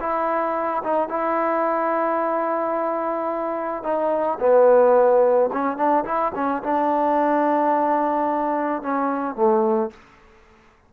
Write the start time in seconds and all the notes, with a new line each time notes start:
0.00 E4
0.83 D#4
1.09 E4
3.83 D#4
4.40 B3
5.52 C#4
5.77 D4
6.05 E4
6.35 C#4
6.63 D4
8.82 C#4
9.35 A3